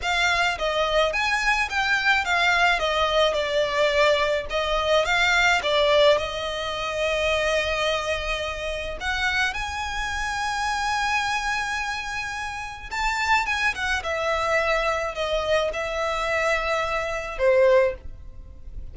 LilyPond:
\new Staff \with { instrumentName = "violin" } { \time 4/4 \tempo 4 = 107 f''4 dis''4 gis''4 g''4 | f''4 dis''4 d''2 | dis''4 f''4 d''4 dis''4~ | dis''1 |
fis''4 gis''2.~ | gis''2. a''4 | gis''8 fis''8 e''2 dis''4 | e''2. c''4 | }